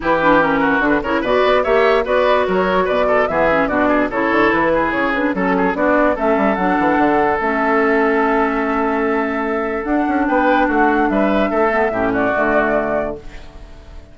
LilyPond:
<<
  \new Staff \with { instrumentName = "flute" } { \time 4/4 \tempo 4 = 146 b'4 ais'4 b'8 cis''8 d''4 | e''4 d''4 cis''4 d''4 | e''4 d''4 cis''4 b'4 | cis''8 b'8 a'4 d''4 e''4 |
fis''2 e''2~ | e''1 | fis''4 g''4 fis''4 e''4~ | e''4. d''2~ d''8 | }
  \new Staff \with { instrumentName = "oboe" } { \time 4/4 g'4. fis'4 ais'8 b'4 | cis''4 b'4 ais'4 b'8 a'8 | gis'4 fis'8 gis'8 a'4. gis'8~ | gis'4 a'8 gis'8 fis'4 a'4~ |
a'1~ | a'1~ | a'4 b'4 fis'4 b'4 | a'4 g'8 fis'2~ fis'8 | }
  \new Staff \with { instrumentName = "clarinet" } { \time 4/4 e'8 d'8 cis'4 d'8 e'8 fis'4 | g'4 fis'2. | b8 cis'8 d'4 e'2~ | e'8 d'8 cis'4 d'4 cis'4 |
d'2 cis'2~ | cis'1 | d'1~ | d'8 b8 cis'4 a2 | }
  \new Staff \with { instrumentName = "bassoon" } { \time 4/4 e2 d8 cis8 b,8 b8 | ais4 b4 fis4 b,4 | e4 b,4 cis8 d8 e4 | cis4 fis4 b4 a8 g8 |
fis8 e8 d4 a2~ | a1 | d'8 cis'8 b4 a4 g4 | a4 a,4 d2 | }
>>